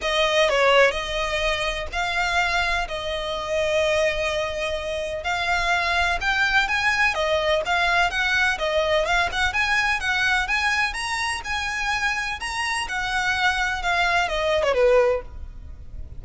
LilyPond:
\new Staff \with { instrumentName = "violin" } { \time 4/4 \tempo 4 = 126 dis''4 cis''4 dis''2 | f''2 dis''2~ | dis''2. f''4~ | f''4 g''4 gis''4 dis''4 |
f''4 fis''4 dis''4 f''8 fis''8 | gis''4 fis''4 gis''4 ais''4 | gis''2 ais''4 fis''4~ | fis''4 f''4 dis''8. cis''16 b'4 | }